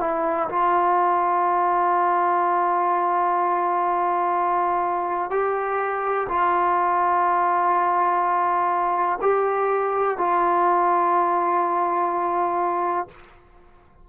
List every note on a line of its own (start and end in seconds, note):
0.00 0.48 E4
0.49 5.30 F4
5.30 6.27 G4
6.29 9.19 F4
9.21 10.17 G4
10.17 13.08 F4